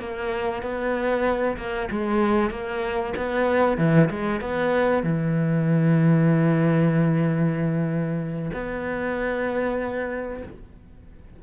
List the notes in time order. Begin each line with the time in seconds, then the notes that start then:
0.00 A#3
0.63 B3
1.58 A#3
1.91 G#3
2.51 A#3
3.17 B3
3.78 E3
4.11 G#3
4.41 B3
5.04 E3
8.54 B3